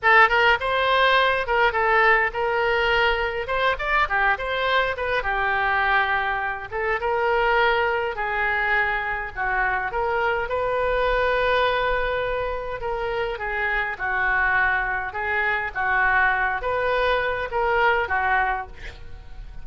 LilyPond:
\new Staff \with { instrumentName = "oboe" } { \time 4/4 \tempo 4 = 103 a'8 ais'8 c''4. ais'8 a'4 | ais'2 c''8 d''8 g'8 c''8~ | c''8 b'8 g'2~ g'8 a'8 | ais'2 gis'2 |
fis'4 ais'4 b'2~ | b'2 ais'4 gis'4 | fis'2 gis'4 fis'4~ | fis'8 b'4. ais'4 fis'4 | }